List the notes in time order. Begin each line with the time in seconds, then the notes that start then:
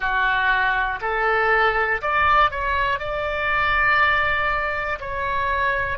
0.00 F#4
1.00 A4
2.01 D5
2.50 C#5
2.99 D5
5.00 C#5